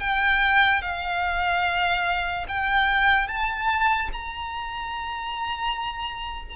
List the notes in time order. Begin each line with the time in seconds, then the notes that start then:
0.00 G5
0.82 F5
2.48 G5
3.28 A5
4.12 A#5